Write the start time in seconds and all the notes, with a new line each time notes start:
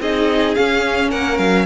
0.00 C4 D#4 G#4 D#5
0.55 C#4 F5
1.09 A#3 A#4 F#5
1.38 F#3 F5